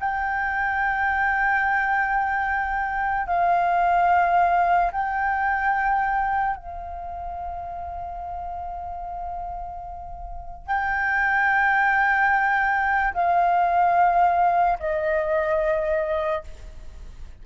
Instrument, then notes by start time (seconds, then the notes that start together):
flute
0.00 G5
3.27 F5
4.92 G5
6.57 F5
10.67 G5
13.14 F5
14.79 D#5